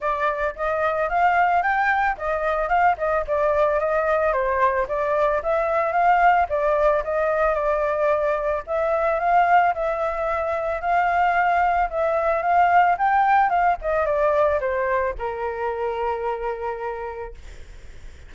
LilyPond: \new Staff \with { instrumentName = "flute" } { \time 4/4 \tempo 4 = 111 d''4 dis''4 f''4 g''4 | dis''4 f''8 dis''8 d''4 dis''4 | c''4 d''4 e''4 f''4 | d''4 dis''4 d''2 |
e''4 f''4 e''2 | f''2 e''4 f''4 | g''4 f''8 dis''8 d''4 c''4 | ais'1 | }